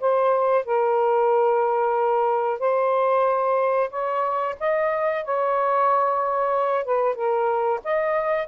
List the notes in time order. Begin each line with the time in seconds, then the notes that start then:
0.00 C5
0.65 A#4
2.59 C5
3.90 C#5
4.60 D#5
5.24 C#5
6.84 B4
7.15 A#4
7.84 D#5